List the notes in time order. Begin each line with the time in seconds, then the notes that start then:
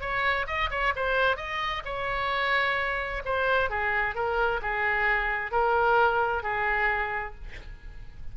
0.00 C#5
0.47 D#5
0.70 C#5
0.96 C5
1.36 D#5
1.85 C#5
3.25 C5
3.70 G#4
4.15 A#4
4.61 G#4
5.51 A#4
6.43 G#4